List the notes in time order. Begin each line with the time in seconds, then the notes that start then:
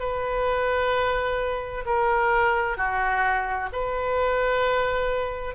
0.00 B4
1.86 A#4
2.77 F#4
3.73 B4